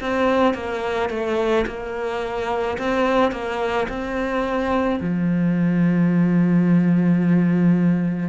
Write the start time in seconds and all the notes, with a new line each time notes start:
0.00 C4
0.54 A#3
1.10 A3
1.66 A#3
2.78 C4
3.31 A#3
3.88 C4
5.00 F3